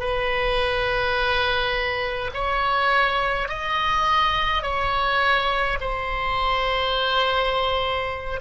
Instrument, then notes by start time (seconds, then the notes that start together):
oboe
0.00 B4
2.34 C#5
3.49 D#5
4.63 C#5
5.81 C5